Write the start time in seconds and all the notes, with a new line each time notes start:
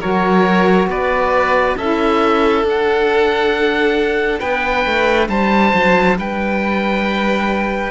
0.00 F#3 F#4 A#4 C#5
0.87 B3 B4 D5
1.77 C#4 E4 A4 E5
2.63 D4 F#5
4.40 B3 B4 G5
4.86 A3
5.29 G3 C5 A5
5.74 F#3
6.17 G3 B4 G5